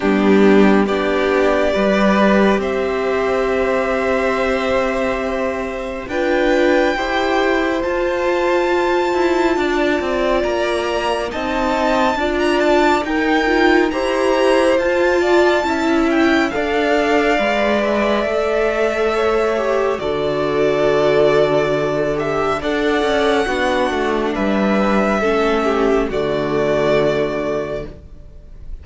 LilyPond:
<<
  \new Staff \with { instrumentName = "violin" } { \time 4/4 \tempo 4 = 69 g'4 d''2 e''4~ | e''2. g''4~ | g''4 a''2. | ais''4 a''4~ a''16 ais''16 a''8 g''4 |
ais''4 a''4. g''8 f''4~ | f''8 e''2~ e''8 d''4~ | d''4. e''8 fis''2 | e''2 d''2 | }
  \new Staff \with { instrumentName = "violin" } { \time 4/4 d'4 g'4 b'4 c''4~ | c''2. b'4 | c''2. d''4~ | d''4 dis''4 d''4 ais'4 |
c''4. d''8 e''4 d''4~ | d''2 cis''4 a'4~ | a'2 d''4 fis'4 | b'4 a'8 g'8 fis'2 | }
  \new Staff \with { instrumentName = "viola" } { \time 4/4 b4 d'4 g'2~ | g'2. f'4 | g'4 f'2.~ | f'4 dis'4 f'4 dis'8 f'8 |
g'4 f'4 e'4 a'4 | b'4 a'4. g'8 fis'4~ | fis'4. g'8 a'4 d'4~ | d'4 cis'4 a2 | }
  \new Staff \with { instrumentName = "cello" } { \time 4/4 g4 b4 g4 c'4~ | c'2. d'4 | e'4 f'4. e'8 d'8 c'8 | ais4 c'4 d'4 dis'4 |
e'4 f'4 cis'4 d'4 | gis4 a2 d4~ | d2 d'8 cis'8 b8 a8 | g4 a4 d2 | }
>>